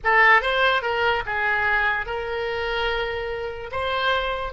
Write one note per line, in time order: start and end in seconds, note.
0.04 0.41 A4
0.41 0.82 C5
0.82 1.23 A#4
1.26 2.06 G#4
2.06 3.70 A#4
3.71 4.52 C5